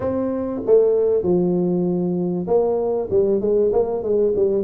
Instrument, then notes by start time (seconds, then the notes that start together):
tuba
0.00 C4
0.66 A3
1.22 F3
2.47 A#3
3.10 G3
3.40 G#3
3.72 A#3
4.02 G#3
4.35 G3